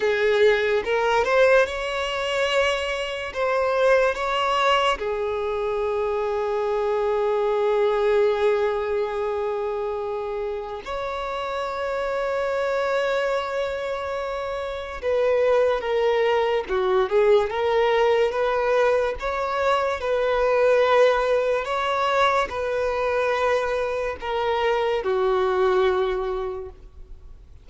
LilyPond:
\new Staff \with { instrumentName = "violin" } { \time 4/4 \tempo 4 = 72 gis'4 ais'8 c''8 cis''2 | c''4 cis''4 gis'2~ | gis'1~ | gis'4 cis''2.~ |
cis''2 b'4 ais'4 | fis'8 gis'8 ais'4 b'4 cis''4 | b'2 cis''4 b'4~ | b'4 ais'4 fis'2 | }